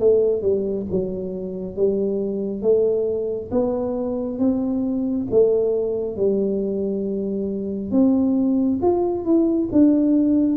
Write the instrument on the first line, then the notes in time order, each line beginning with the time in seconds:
tuba
0.00 A3
0.43 G3
0.91 F#3
1.76 G3
2.62 A3
3.52 B3
4.39 C4
5.31 A3
6.17 G3
7.92 C4
8.82 F4
9.25 E4
9.72 D4